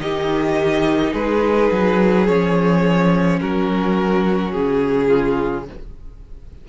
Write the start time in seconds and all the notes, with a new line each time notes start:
0.00 D#3 D#4 G4 D#5
1.13 G#3 G#4 B4
1.72 F#3
2.26 F3 C#4 C#5
3.41 F#3 F#4 A#4
4.52 C#3 G#4
5.07 F4